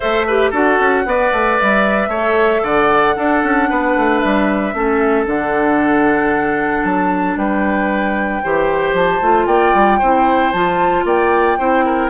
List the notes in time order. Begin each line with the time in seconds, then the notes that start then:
0.00 A3 A4 C5 E5
0.27 G4 B4
0.50 D4 F#4 A4 F#5
0.79 C#4
1.05 B3 B4 D5
1.32 A3
1.59 G3 E5
2.08 A3 C#5
2.14 A4
2.62 D3 D5 F#5
3.15 D4 A4
3.43 C#4
3.69 B3 B4
3.96 A3
4.19 G3 E5
4.73 A3 C#4 A4
5.26 D3 D4 F#5
6.83 F#3 A5
7.36 G3 B4 G5
8.43 E3 G4 C5
8.93 F3 A5
9.21 A3 F4
9.46 A#3 D5 G5
9.74 G3
9.99 C4 E4 C5
10.51 F3 F4 A5
11.04 A#3 D5 G5
11.58 C4 E4 C5
11.85 A#4